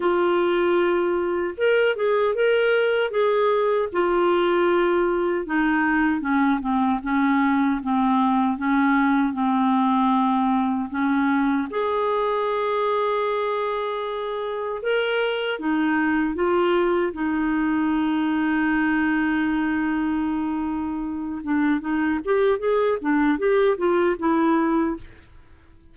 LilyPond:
\new Staff \with { instrumentName = "clarinet" } { \time 4/4 \tempo 4 = 77 f'2 ais'8 gis'8 ais'4 | gis'4 f'2 dis'4 | cis'8 c'8 cis'4 c'4 cis'4 | c'2 cis'4 gis'4~ |
gis'2. ais'4 | dis'4 f'4 dis'2~ | dis'2.~ dis'8 d'8 | dis'8 g'8 gis'8 d'8 g'8 f'8 e'4 | }